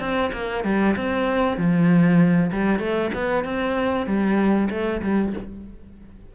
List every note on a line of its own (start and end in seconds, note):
0.00 0.31 C4
0.33 0.64 A#3
0.64 0.96 G3
0.97 1.57 C4
1.57 2.51 F3
2.52 2.80 G3
2.80 3.11 A3
3.14 3.45 B3
3.45 4.07 C4
4.07 4.69 G3
4.70 5.01 A3
5.02 5.34 G3